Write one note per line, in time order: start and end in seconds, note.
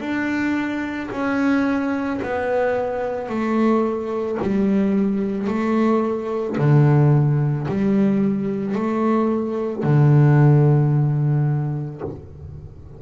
0.00 1.09 D4
1.11 2.20 C#4
2.22 3.29 B3
3.29 4.38 A3
4.41 5.47 G3
5.47 6.56 A3
6.58 7.67 D3
7.68 8.75 G3
8.75 9.83 A3
9.83 12.01 D3